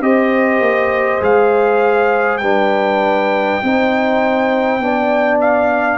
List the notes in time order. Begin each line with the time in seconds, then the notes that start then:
0.00 C4 G4 C5 D#5
0.59 A#3
1.21 G#3 G#4 F5
2.37 G3 D4 B4 G5
3.63 C4 D#4 C5
4.79 B3 D4 D5
5.40 F5